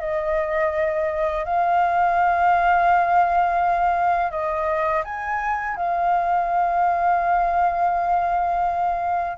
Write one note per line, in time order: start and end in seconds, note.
0.00 1.45 D#5
1.45 4.31 F5
4.31 5.03 D#5
5.04 5.76 G#5
5.76 9.38 F5